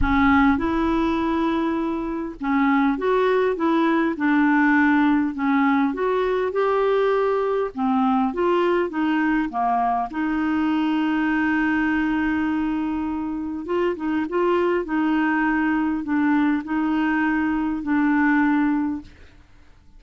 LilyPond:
\new Staff \with { instrumentName = "clarinet" } { \time 4/4 \tempo 4 = 101 cis'4 e'2. | cis'4 fis'4 e'4 d'4~ | d'4 cis'4 fis'4 g'4~ | g'4 c'4 f'4 dis'4 |
ais4 dis'2.~ | dis'2. f'8 dis'8 | f'4 dis'2 d'4 | dis'2 d'2 | }